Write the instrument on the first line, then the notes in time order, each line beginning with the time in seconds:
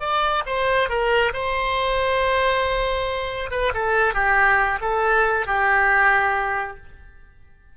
oboe
0.00 D5
0.46 C5
0.89 A#4
1.33 C5
3.50 B4
3.74 A4
4.14 G4
4.81 A4
5.46 G4